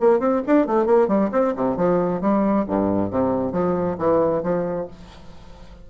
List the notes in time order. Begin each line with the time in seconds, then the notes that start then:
0.00 A#3
0.19 C4
0.46 D4
0.66 A3
0.85 A#3
1.08 G3
1.32 C4
1.56 C3
1.76 F3
2.21 G3
2.67 G2
3.10 C3
3.52 F3
3.98 E3
4.42 F3